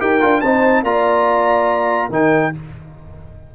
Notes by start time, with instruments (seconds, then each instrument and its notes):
0.00 tuba D#4, trombone G4, horn A#4, trumpet G5
0.21 tuba D4, trombone F4
0.41 tuba C4, trombone D#4, horn C5, trumpet A5
0.83 tuba A#3, trombone F4, horn D5, trumpet A#5
2.10 tuba D#3, trombone D#4, horn A#4, trumpet G5